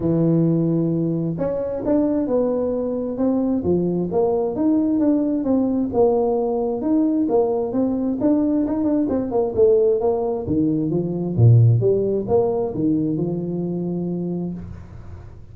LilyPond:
\new Staff \with { instrumentName = "tuba" } { \time 4/4 \tempo 4 = 132 e2. cis'4 | d'4 b2 c'4 | f4 ais4 dis'4 d'4 | c'4 ais2 dis'4 |
ais4 c'4 d'4 dis'8 d'8 | c'8 ais8 a4 ais4 dis4 | f4 ais,4 g4 ais4 | dis4 f2. | }